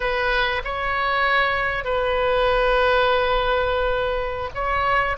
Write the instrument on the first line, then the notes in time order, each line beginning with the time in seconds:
oboe
0.00 B4
0.64 C#5
1.84 B4
4.54 C#5